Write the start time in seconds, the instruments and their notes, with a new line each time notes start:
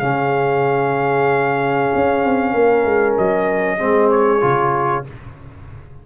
0.00 tuba C#3, trombone C#4, horn G#4, trumpet F5
1.95 tuba C#4
2.25 tuba C4
2.54 tuba A#3, horn A#4
2.86 tuba G#3
3.18 tuba F#3, trumpet D#5
3.79 tuba G#3, trombone C4, horn G#4
4.11 trumpet C#5
4.41 tuba C#3, trombone F4